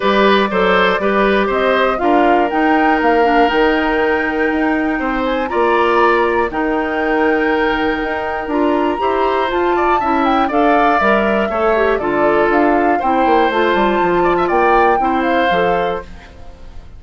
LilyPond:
<<
  \new Staff \with { instrumentName = "flute" } { \time 4/4 \tempo 4 = 120 d''2. dis''4 | f''4 g''4 f''4 g''4~ | g''2~ g''8 gis''8 ais''4~ | ais''4 g''2.~ |
g''4 ais''2 a''4~ | a''8 g''8 f''4 e''2 | d''4 f''4 g''4 a''4~ | a''4 g''4. f''4. | }
  \new Staff \with { instrumentName = "oboe" } { \time 4/4 b'4 c''4 b'4 c''4 | ais'1~ | ais'2 c''4 d''4~ | d''4 ais'2.~ |
ais'2 c''4. d''8 | e''4 d''2 cis''4 | a'2 c''2~ | c''8 d''16 e''16 d''4 c''2 | }
  \new Staff \with { instrumentName = "clarinet" } { \time 4/4 g'4 a'4 g'2 | f'4 dis'4. d'8 dis'4~ | dis'2. f'4~ | f'4 dis'2.~ |
dis'4 f'4 g'4 f'4 | e'4 a'4 ais'4 a'8 g'8 | f'2 e'4 f'4~ | f'2 e'4 a'4 | }
  \new Staff \with { instrumentName = "bassoon" } { \time 4/4 g4 fis4 g4 c'4 | d'4 dis'4 ais4 dis4~ | dis4 dis'4 c'4 ais4~ | ais4 dis2. |
dis'4 d'4 e'4 f'4 | cis'4 d'4 g4 a4 | d4 d'4 c'8 ais8 a8 g8 | f4 ais4 c'4 f4 | }
>>